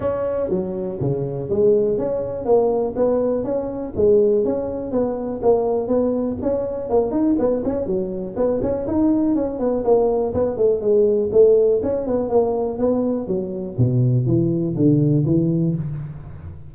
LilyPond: \new Staff \with { instrumentName = "tuba" } { \time 4/4 \tempo 4 = 122 cis'4 fis4 cis4 gis4 | cis'4 ais4 b4 cis'4 | gis4 cis'4 b4 ais4 | b4 cis'4 ais8 dis'8 b8 cis'8 |
fis4 b8 cis'8 dis'4 cis'8 b8 | ais4 b8 a8 gis4 a4 | cis'8 b8 ais4 b4 fis4 | b,4 e4 d4 e4 | }